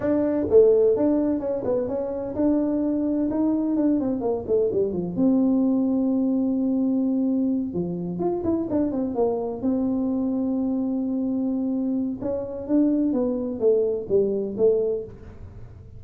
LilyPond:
\new Staff \with { instrumentName = "tuba" } { \time 4/4 \tempo 4 = 128 d'4 a4 d'4 cis'8 b8 | cis'4 d'2 dis'4 | d'8 c'8 ais8 a8 g8 f8 c'4~ | c'1~ |
c'8 f4 f'8 e'8 d'8 c'8 ais8~ | ais8 c'2.~ c'8~ | c'2 cis'4 d'4 | b4 a4 g4 a4 | }